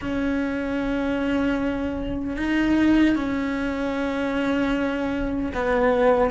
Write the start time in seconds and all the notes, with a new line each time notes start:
0.01 C#4
2.36 D#4
3.15 C#4
5.54 B3